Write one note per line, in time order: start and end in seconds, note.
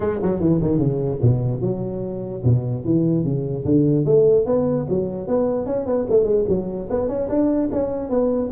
0.00 0.20 G#3
0.22 0.40 F#3
0.40 0.60 E3
0.61 0.77 D#3
0.77 1.18 C#3
1.21 1.61 B2
1.61 2.42 F#3
2.44 2.84 B2
2.84 3.24 E3
3.24 3.64 C#3
3.64 4.05 D3
4.05 4.45 A3
4.45 4.86 B3
4.89 5.27 F#3
5.27 5.66 B3
5.66 5.85 C#4
5.85 6.06 B3
6.09 6.24 A3
6.24 6.44 G#3
6.48 6.88 F#3
6.90 7.08 B3
7.08 7.28 C#4
7.28 7.69 D4
7.72 8.09 C#4
8.09 8.50 B3